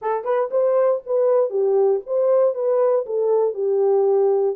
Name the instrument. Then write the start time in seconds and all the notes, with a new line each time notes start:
horn
0.01 A4
0.24 B4
0.50 C5
1.05 B4
1.50 G4
2.06 C5
2.54 B4
3.06 A4
3.54 G4